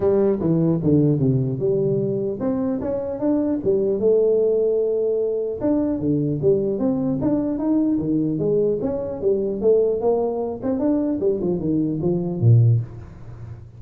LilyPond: \new Staff \with { instrumentName = "tuba" } { \time 4/4 \tempo 4 = 150 g4 e4 d4 c4 | g2 c'4 cis'4 | d'4 g4 a2~ | a2 d'4 d4 |
g4 c'4 d'4 dis'4 | dis4 gis4 cis'4 g4 | a4 ais4. c'8 d'4 | g8 f8 dis4 f4 ais,4 | }